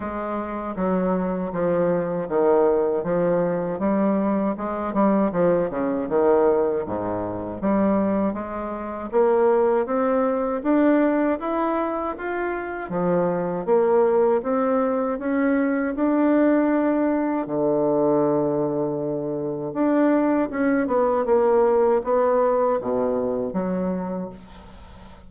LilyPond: \new Staff \with { instrumentName = "bassoon" } { \time 4/4 \tempo 4 = 79 gis4 fis4 f4 dis4 | f4 g4 gis8 g8 f8 cis8 | dis4 gis,4 g4 gis4 | ais4 c'4 d'4 e'4 |
f'4 f4 ais4 c'4 | cis'4 d'2 d4~ | d2 d'4 cis'8 b8 | ais4 b4 b,4 fis4 | }